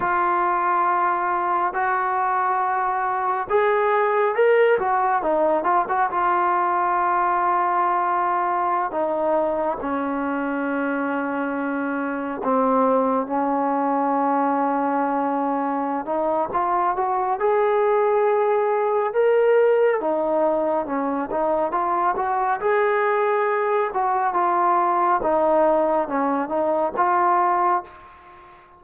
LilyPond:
\new Staff \with { instrumentName = "trombone" } { \time 4/4 \tempo 4 = 69 f'2 fis'2 | gis'4 ais'8 fis'8 dis'8 f'16 fis'16 f'4~ | f'2~ f'16 dis'4 cis'8.~ | cis'2~ cis'16 c'4 cis'8.~ |
cis'2~ cis'8 dis'8 f'8 fis'8 | gis'2 ais'4 dis'4 | cis'8 dis'8 f'8 fis'8 gis'4. fis'8 | f'4 dis'4 cis'8 dis'8 f'4 | }